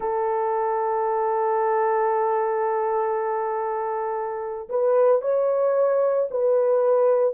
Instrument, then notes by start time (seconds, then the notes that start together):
horn
0.00 A4
4.69 B4
5.21 C#5
6.31 B4